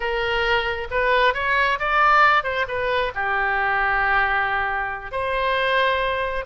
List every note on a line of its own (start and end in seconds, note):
0.00 0.87 A#4
0.90 1.34 B4
1.34 1.78 C#5
1.79 2.43 D5
2.43 2.65 C5
2.67 3.12 B4
3.14 5.11 G4
5.11 6.45 C5